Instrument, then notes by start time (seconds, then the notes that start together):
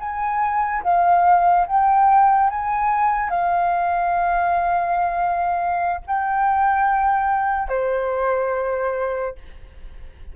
flute
0.00 G#5
0.84 F5
1.67 G5
2.50 G#5
3.30 F5
6.07 G5
7.69 C5